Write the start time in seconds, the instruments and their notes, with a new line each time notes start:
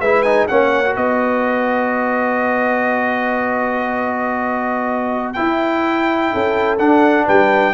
0.00 tuba G#3, trombone E4, horn B4, trumpet E5
0.22 trombone D#4, trumpet G#5
0.48 tuba A#3, trombone C#4, horn C#5, trumpet F#5
0.85 trombone F#4
0.96 tuba B3, horn B4, trumpet D#5
5.33 trombone E4, tuba E4, trumpet G5
6.32 tuba C#4, horn A4
6.78 trombone D4, tuba D4, trumpet F#5
7.26 tuba G3, horn B4, trumpet G5